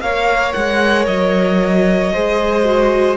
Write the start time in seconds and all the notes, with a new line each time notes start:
0.00 A#3 A#4 C#5 F5
0.53 G#3 F#5
1.06 F#3 D#5
2.13 G#3 G#4 C5
2.64 F#4